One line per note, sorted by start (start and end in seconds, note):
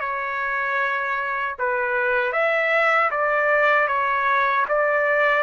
0.00 1.56 C#5
1.59 2.32 B4
2.32 3.10 E5
3.11 3.88 D5
3.88 4.66 C#5
4.69 5.43 D5